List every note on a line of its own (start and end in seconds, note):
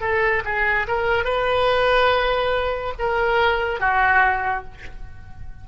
0.00 0.42 A4
0.44 0.86 G#4
0.88 1.24 A#4
1.24 2.93 B4
2.98 3.80 A#4
3.80 4.64 F#4